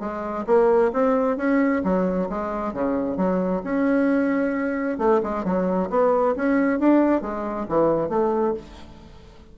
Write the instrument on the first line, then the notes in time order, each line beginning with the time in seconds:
bassoon
0.00 G#3
0.47 A#3
0.94 C4
1.37 C#4
1.84 F#3
2.30 G#3
2.74 C#3
3.17 F#3
3.64 C#4
4.99 A3
5.23 G#3
5.45 F#3
5.90 B3
6.36 C#4
6.80 D4
7.22 G#3
7.69 E3
8.09 A3